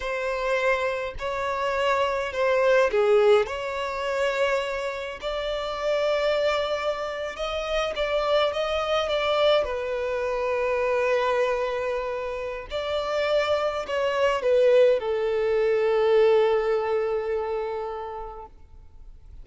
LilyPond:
\new Staff \with { instrumentName = "violin" } { \time 4/4 \tempo 4 = 104 c''2 cis''2 | c''4 gis'4 cis''2~ | cis''4 d''2.~ | d''8. dis''4 d''4 dis''4 d''16~ |
d''8. b'2.~ b'16~ | b'2 d''2 | cis''4 b'4 a'2~ | a'1 | }